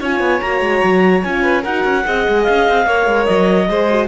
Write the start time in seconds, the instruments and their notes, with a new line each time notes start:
0.00 cello C#4, horn F4, violin C#5, clarinet G#5
0.20 cello B3
0.41 cello A#3, horn F#4, clarinet A#5
0.61 cello G#3
0.84 cello F#3
1.23 cello C#4, horn F4, clarinet G#5
1.43 violin B4
1.62 cello D#4, horn F#4, violin A#4, clarinet F#5
1.85 cello C#4
2.05 cello C4, horn G#4, violin D#5
2.28 cello G#3
2.44 cello C#4, clarinet F5
2.69 cello C4
2.86 cello A#3, horn A#4, violin C#5
3.07 cello G#3
3.25 cello F#3, clarinet D#5
3.69 cello G#3, horn G#4, violin C5
3.91 horn F#4